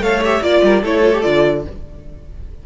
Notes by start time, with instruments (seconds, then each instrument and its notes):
0.00 cello A3, viola A4, violin C#5 F5
0.24 viola G4, violin E5
0.41 cello A#3, viola F4, violin D5
0.63 cello G3, violin A#4
0.82 cello A3, viola E4, violin A4 C#5
1.03 viola F4
1.12 viola G4
1.21 cello D3, viola F4, violin D5